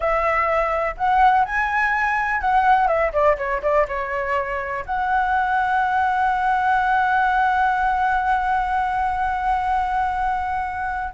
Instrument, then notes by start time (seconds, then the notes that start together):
flute
0.00 E5
0.97 F#5
1.45 G#5
2.41 F#5
2.87 E5
3.12 D5
3.37 C#5
3.62 D5
3.88 C#5
4.85 F#5